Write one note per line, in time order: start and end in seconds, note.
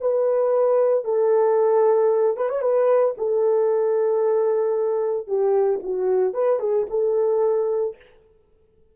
0.00 1.04 B4
1.04 2.37 A4
2.37 2.49 B4
2.49 2.61 C#5
2.61 3.14 B4
3.17 5.27 A4
5.27 5.80 G4
5.82 6.33 F#4
6.33 6.59 B4
6.59 6.86 G#4
6.90 7.96 A4